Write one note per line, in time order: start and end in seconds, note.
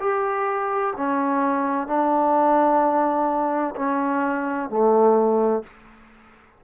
0.00 0.94 G4
0.97 1.87 C#4
1.87 3.75 D4
3.76 4.70 C#4
4.70 5.63 A3